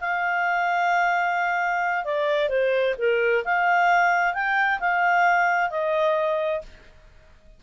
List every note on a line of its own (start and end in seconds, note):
0.00 2.04 F5
2.04 2.49 D5
2.49 2.95 C5
2.98 3.44 A#4
3.44 4.34 F5
4.34 4.79 G5
4.80 5.70 F5
5.70 6.61 D#5